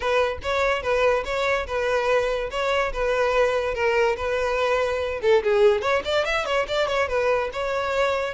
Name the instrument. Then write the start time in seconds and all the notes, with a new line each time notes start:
violin
0.00 B4
0.42 C#5
0.82 B4
1.24 C#5
1.66 B4
2.50 C#5
2.92 B4
3.74 A#4
4.16 B4
5.21 A4
5.43 G#4
5.81 C#5
6.04 D5
6.25 E5
6.45 C#5
6.67 D5
6.87 C#5
7.08 B4
7.52 C#5